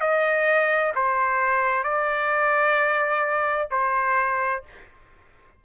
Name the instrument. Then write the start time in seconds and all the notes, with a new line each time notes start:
trumpet
0.00 D#5
0.95 C5
1.83 D5
3.70 C5